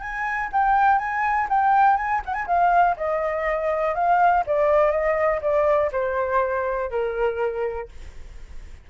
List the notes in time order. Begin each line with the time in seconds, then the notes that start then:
0.00 G#5
0.52 G5
0.98 G#5
1.49 G5
1.97 G#5
2.25 F#5
2.34 G#5
2.47 F5
2.96 D#5
3.95 F5
4.46 D5
4.91 D#5
5.41 D5
5.92 C5
6.90 A#4